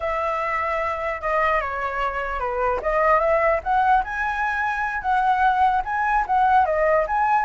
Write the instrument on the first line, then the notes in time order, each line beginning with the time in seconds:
flute
0.00 E5
1.21 D#5
1.61 C#5
2.39 B4
2.82 D#5
3.20 E5
3.63 F#5
4.04 G#5
5.01 F#5
5.84 G#5
6.26 F#5
6.65 D#5
7.07 G#5